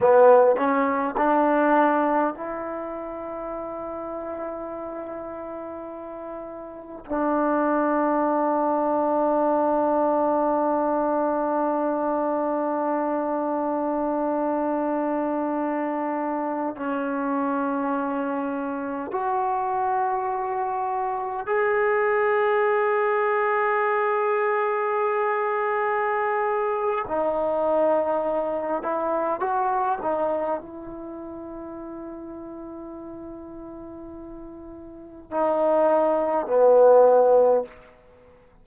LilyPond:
\new Staff \with { instrumentName = "trombone" } { \time 4/4 \tempo 4 = 51 b8 cis'8 d'4 e'2~ | e'2 d'2~ | d'1~ | d'2~ d'16 cis'4.~ cis'16~ |
cis'16 fis'2 gis'4.~ gis'16~ | gis'2. dis'4~ | dis'8 e'8 fis'8 dis'8 e'2~ | e'2 dis'4 b4 | }